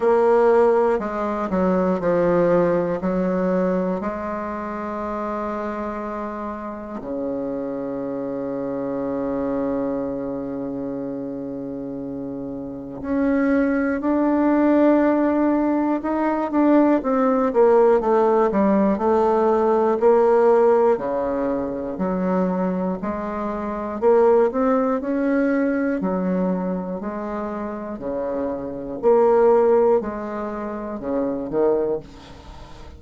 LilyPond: \new Staff \with { instrumentName = "bassoon" } { \time 4/4 \tempo 4 = 60 ais4 gis8 fis8 f4 fis4 | gis2. cis4~ | cis1~ | cis4 cis'4 d'2 |
dis'8 d'8 c'8 ais8 a8 g8 a4 | ais4 cis4 fis4 gis4 | ais8 c'8 cis'4 fis4 gis4 | cis4 ais4 gis4 cis8 dis8 | }